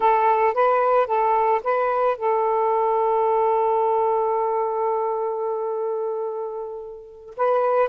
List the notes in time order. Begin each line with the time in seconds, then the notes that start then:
0.00 A4
0.54 B4
1.06 A4
1.63 B4
2.17 A4
7.36 B4